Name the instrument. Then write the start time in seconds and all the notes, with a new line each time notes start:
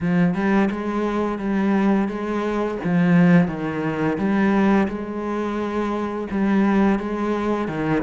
cello
0.01 F3
0.34 G3
0.70 G#3
1.38 G3
2.08 G#3
2.84 F3
3.47 D#3
4.17 G3
4.88 G#3
6.30 G3
6.99 G#3
7.67 D#3